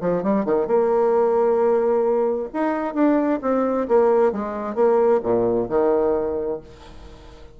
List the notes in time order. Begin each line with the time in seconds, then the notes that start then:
0.00 F3
0.22 G3
0.45 D#3
0.67 A#3
2.53 D#4
2.94 D4
3.41 C4
3.88 A#3
4.32 G#3
4.75 A#3
5.22 A#2
5.69 D#3